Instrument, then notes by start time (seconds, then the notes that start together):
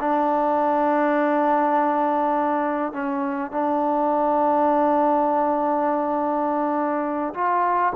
trombone
0.00 D4
2.93 C#4
3.52 D4
7.34 F4